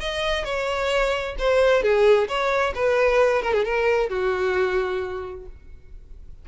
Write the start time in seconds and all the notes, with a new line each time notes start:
0.00 D#5
0.45 C#5
1.39 C5
1.82 G#4
2.28 C#5
2.75 B4
3.42 A#4
3.54 G#4
3.64 A#4
4.09 F#4